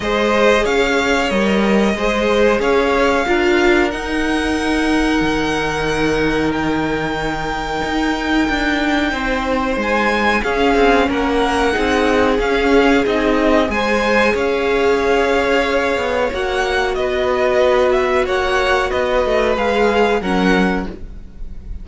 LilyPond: <<
  \new Staff \with { instrumentName = "violin" } { \time 4/4 \tempo 4 = 92 dis''4 f''4 dis''2 | f''2 fis''2~ | fis''2 g''2~ | g''2. gis''4 |
f''4 fis''2 f''4 | dis''4 gis''4 f''2~ | f''4 fis''4 dis''4. e''8 | fis''4 dis''4 f''4 fis''4 | }
  \new Staff \with { instrumentName = "violin" } { \time 4/4 c''4 cis''2 c''4 | cis''4 ais'2.~ | ais'1~ | ais'2 c''2 |
gis'4 ais'4 gis'2~ | gis'4 c''4 cis''2~ | cis''2 b'2 | cis''4 b'2 ais'4 | }
  \new Staff \with { instrumentName = "viola" } { \time 4/4 gis'2 ais'4 gis'4~ | gis'4 f'4 dis'2~ | dis'1~ | dis'1 |
cis'2 dis'4 cis'4 | dis'4 gis'2.~ | gis'4 fis'2.~ | fis'2 gis'4 cis'4 | }
  \new Staff \with { instrumentName = "cello" } { \time 4/4 gis4 cis'4 g4 gis4 | cis'4 d'4 dis'2 | dis1 | dis'4 d'4 c'4 gis4 |
cis'8 c'8 ais4 c'4 cis'4 | c'4 gis4 cis'2~ | cis'8 b8 ais4 b2 | ais4 b8 a8 gis4 fis4 | }
>>